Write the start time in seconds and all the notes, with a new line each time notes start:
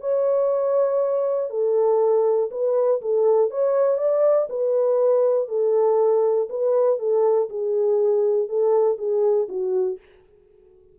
0.00 C#5
1.50 A4
2.51 B4
3.02 A4
3.50 C#5
3.98 D5
4.49 B4
5.48 A4
6.49 B4
6.99 A4
7.49 G#4
8.48 A4
8.97 G#4
9.48 F#4